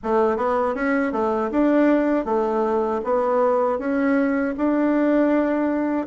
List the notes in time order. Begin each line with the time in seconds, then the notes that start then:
0.03 A3
0.36 B3
0.75 C#4
1.12 A3
1.51 D4
2.25 A3
3.03 B3
3.78 C#4
4.57 D4